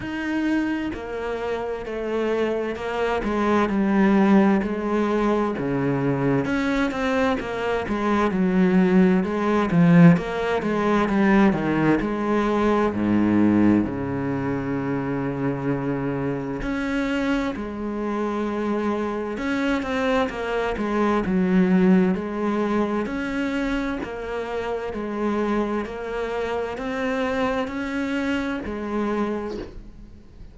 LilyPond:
\new Staff \with { instrumentName = "cello" } { \time 4/4 \tempo 4 = 65 dis'4 ais4 a4 ais8 gis8 | g4 gis4 cis4 cis'8 c'8 | ais8 gis8 fis4 gis8 f8 ais8 gis8 | g8 dis8 gis4 gis,4 cis4~ |
cis2 cis'4 gis4~ | gis4 cis'8 c'8 ais8 gis8 fis4 | gis4 cis'4 ais4 gis4 | ais4 c'4 cis'4 gis4 | }